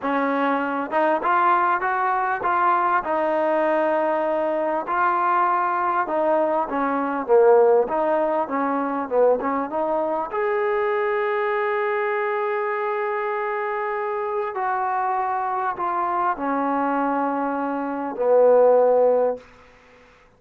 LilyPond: \new Staff \with { instrumentName = "trombone" } { \time 4/4 \tempo 4 = 99 cis'4. dis'8 f'4 fis'4 | f'4 dis'2. | f'2 dis'4 cis'4 | ais4 dis'4 cis'4 b8 cis'8 |
dis'4 gis'2.~ | gis'1 | fis'2 f'4 cis'4~ | cis'2 b2 | }